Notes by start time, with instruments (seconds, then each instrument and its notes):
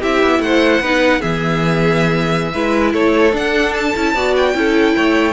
0.00 cello C4, viola E4, violin G4 E5
0.23 cello B3
0.39 cello A3, violin C5 F#5
0.80 cello B3, viola D#4, violin B4
1.20 cello E3, viola B3, violin G#4 E5
2.53 cello G#3, viola E4, violin B4
2.93 cello A3, violin A4 C#5
3.32 viola D4, cello D4, violin F#5
3.73 violin A5
3.95 cello C#4, viola E4
4.14 cello B3, viola F#4, violin D5
4.36 violin G5
4.54 cello C#4, viola E4, violin A4
4.96 cello A3, violin C#5